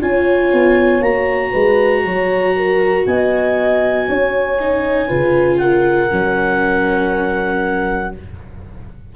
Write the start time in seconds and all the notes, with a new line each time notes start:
0.00 C#4 F4 C#5 G#5
0.53 B3
1.01 A#3 F#4 A#5
1.51 G#3 B4
2.04 F#3 C#5
2.56 A#4
3.06 B3 D#5 G#5
4.08 C#4 C#5
4.60 D#4
5.07 C#3 F4 B4
5.58 A#4 F#5
6.09 F#3 C#4